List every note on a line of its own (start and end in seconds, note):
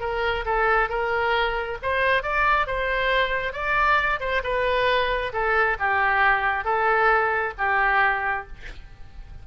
0.00 0.44 A#4
0.45 0.89 A4
0.89 1.78 A#4
1.82 2.22 C5
2.22 2.67 D5
2.67 3.53 C5
3.53 4.19 D5
4.20 4.42 C5
4.43 5.32 B4
5.33 5.77 A4
5.79 6.64 G4
6.64 7.53 A4
7.58 8.47 G4